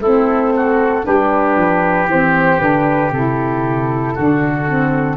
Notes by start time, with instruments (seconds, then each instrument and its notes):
0.00 tuba A3, saxophone C4, oboe E4, flute A4
0.56 oboe F#4
1.03 tuba G3, saxophone D4, oboe G4, flute B4
1.56 tuba F3
2.06 tuba E3, saxophone C4, flute C5
2.59 tuba D3, saxophone D4, flute B4
3.11 tuba C3, saxophone E4, flute A4
4.14 tuba D3, saxophone D4, oboe F#4
4.67 saxophone C4